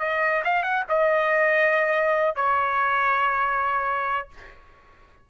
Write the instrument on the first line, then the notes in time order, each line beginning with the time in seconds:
trumpet
0.00 D#5
0.44 F5
0.63 F#5
0.89 D#5
2.36 C#5